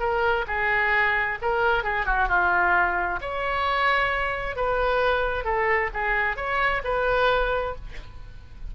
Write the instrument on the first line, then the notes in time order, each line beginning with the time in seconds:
oboe
0.00 A#4
0.48 G#4
1.42 A#4
1.84 G#4
2.06 F#4
2.29 F4
3.21 C#5
4.56 B4
5.45 A4
5.94 G#4
6.37 C#5
6.84 B4